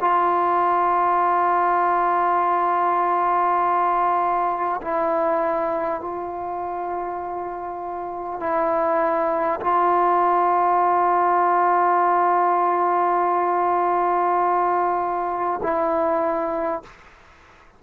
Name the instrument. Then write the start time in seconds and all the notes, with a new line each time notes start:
trombone
0.00 F4
4.81 E4
6.01 F4
8.39 E4
9.60 F4
15.62 E4